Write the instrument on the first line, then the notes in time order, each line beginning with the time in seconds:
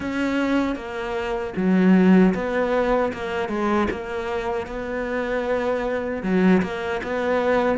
cello
0.00 C#4
0.75 A#3
1.56 F#3
2.34 B3
3.13 A#3
3.48 G#3
3.90 A#3
4.66 B3
6.23 F#3
6.62 A#3
7.03 B3